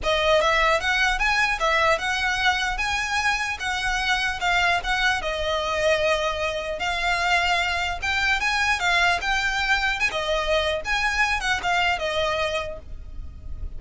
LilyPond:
\new Staff \with { instrumentName = "violin" } { \time 4/4 \tempo 4 = 150 dis''4 e''4 fis''4 gis''4 | e''4 fis''2 gis''4~ | gis''4 fis''2 f''4 | fis''4 dis''2.~ |
dis''4 f''2. | g''4 gis''4 f''4 g''4~ | g''4 gis''16 dis''4.~ dis''16 gis''4~ | gis''8 fis''8 f''4 dis''2 | }